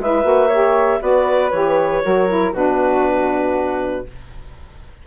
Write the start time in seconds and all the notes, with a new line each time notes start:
0.00 G#3 E4 B4 E5
0.24 A#3 F#4
0.48 G4 C#5
1.00 B3 F#4 B4 D5
1.51 E3 G4 C#5
2.04 F#3 F#4 A#4
2.29 E4
2.53 B2 D4 F#4 B4